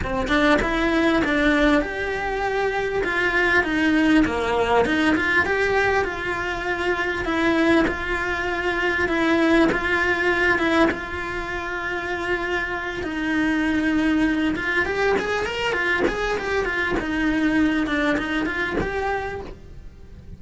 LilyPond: \new Staff \with { instrumentName = "cello" } { \time 4/4 \tempo 4 = 99 c'8 d'8 e'4 d'4 g'4~ | g'4 f'4 dis'4 ais4 | dis'8 f'8 g'4 f'2 | e'4 f'2 e'4 |
f'4. e'8 f'2~ | f'4. dis'2~ dis'8 | f'8 g'8 gis'8 ais'8 f'8 gis'8 g'8 f'8 | dis'4. d'8 dis'8 f'8 g'4 | }